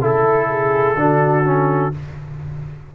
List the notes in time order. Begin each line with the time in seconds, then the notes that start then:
0.00 C#3 E4 A4
0.50 G#4
0.95 D3 D4 F#4
1.44 C#4